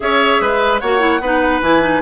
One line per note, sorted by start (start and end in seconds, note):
0.00 0.40 C#4
0.00 0.80 G#4
0.00 0.41 C#5
0.00 0.79 E5
0.40 0.81 G#3
0.40 0.80 B4
0.79 1.20 A#3
0.79 0.99 F#4
0.79 1.21 C#5
0.79 1.60 F#5
0.99 1.19 E4
1.20 1.60 B3
1.20 1.63 D#4
1.20 2.01 B4
1.61 2.01 E3
1.61 1.81 E4
1.61 2.01 G#5
1.81 2.01 D#4